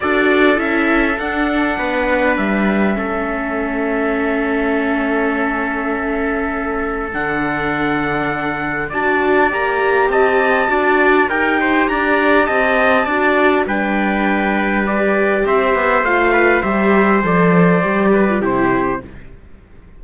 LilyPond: <<
  \new Staff \with { instrumentName = "trumpet" } { \time 4/4 \tempo 4 = 101 d''4 e''4 fis''2 | e''1~ | e''1 | fis''2. a''4 |
ais''4 a''2 g''4 | ais''4 a''2 g''4~ | g''4 d''4 e''4 f''4 | e''4 d''2 c''4 | }
  \new Staff \with { instrumentName = "trumpet" } { \time 4/4 a'2. b'4~ | b'4 a'2.~ | a'1~ | a'2. d''4~ |
d''4 dis''4 d''4 ais'8 c''8 | d''4 dis''4 d''4 b'4~ | b'2 c''4. b'8 | c''2~ c''8 b'8 g'4 | }
  \new Staff \with { instrumentName = "viola" } { \time 4/4 fis'4 e'4 d'2~ | d'4 cis'2.~ | cis'1 | d'2. fis'4 |
g'2 fis'4 g'4~ | g'2 fis'4 d'4~ | d'4 g'2 f'4 | g'4 a'4 g'8. f'16 e'4 | }
  \new Staff \with { instrumentName = "cello" } { \time 4/4 d'4 cis'4 d'4 b4 | g4 a2.~ | a1 | d2. d'4 |
ais4 c'4 d'4 dis'4 | d'4 c'4 d'4 g4~ | g2 c'8 b8 a4 | g4 f4 g4 c4 | }
>>